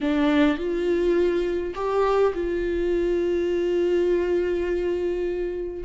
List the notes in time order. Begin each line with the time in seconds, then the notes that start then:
0.00 D4
0.57 F4
1.74 G4
2.34 F4